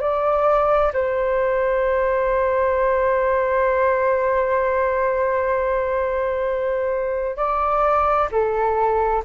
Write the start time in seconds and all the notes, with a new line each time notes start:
0.00 D5
0.93 C5
7.36 D5
8.31 A4